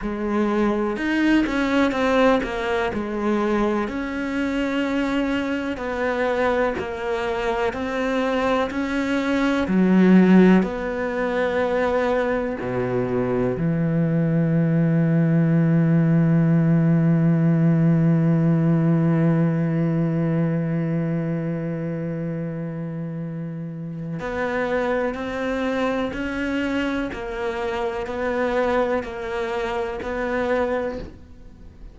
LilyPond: \new Staff \with { instrumentName = "cello" } { \time 4/4 \tempo 4 = 62 gis4 dis'8 cis'8 c'8 ais8 gis4 | cis'2 b4 ais4 | c'4 cis'4 fis4 b4~ | b4 b,4 e2~ |
e1~ | e1~ | e4 b4 c'4 cis'4 | ais4 b4 ais4 b4 | }